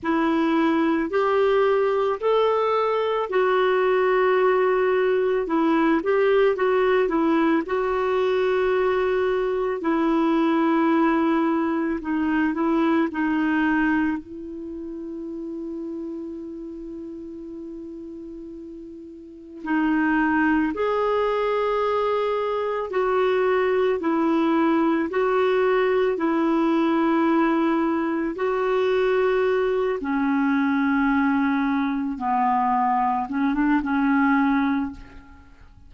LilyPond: \new Staff \with { instrumentName = "clarinet" } { \time 4/4 \tempo 4 = 55 e'4 g'4 a'4 fis'4~ | fis'4 e'8 g'8 fis'8 e'8 fis'4~ | fis'4 e'2 dis'8 e'8 | dis'4 e'2.~ |
e'2 dis'4 gis'4~ | gis'4 fis'4 e'4 fis'4 | e'2 fis'4. cis'8~ | cis'4. b4 cis'16 d'16 cis'4 | }